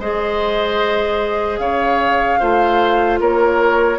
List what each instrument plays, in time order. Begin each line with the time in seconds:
0.00 bassoon G#3, clarinet G#4, oboe C5, flute D#5
1.58 bassoon C#3, oboe C#5, flute F5
2.40 bassoon A3, clarinet F4, oboe C5
3.21 bassoon A#3, oboe A#4, flute C#5